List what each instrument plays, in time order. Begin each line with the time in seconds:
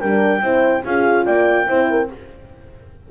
0.00 double bass G3, horn D4 A#4, clarinet G5
0.41 double bass C4, horn E4 C5
0.84 double bass C#4, horn F4 G#4, clarinet F5
1.25 double bass A#3, horn D5, clarinet G5
1.67 double bass C4, horn E4 C5
1.90 horn A#4